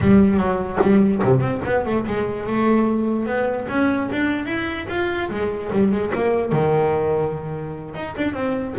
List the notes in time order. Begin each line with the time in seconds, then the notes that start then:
0.01 G3
0.37 F#3
0.81 G3
1.23 C3
1.40 C4
1.65 B3
1.85 A3
2.06 G#3
2.46 A3
3.25 B3
3.68 C#4
4.12 D4
4.45 E4
4.88 F4
5.29 G#3
5.72 G3
5.91 G#3
6.14 A#3
6.52 D#3
7.94 D#4
8.16 D4
8.33 C4